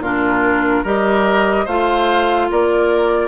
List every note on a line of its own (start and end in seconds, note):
0.00 0.82 A#2
0.00 0.86 D4
0.00 0.84 F4
0.00 0.86 A#4
0.84 1.67 G3
0.84 1.68 G4
0.84 1.65 A#4
0.84 1.68 D#5
1.65 2.49 A3
1.65 3.29 F4
1.65 2.47 C5
1.65 2.50 F5
2.52 3.29 A#3
2.52 3.29 A#4
2.52 3.29 D5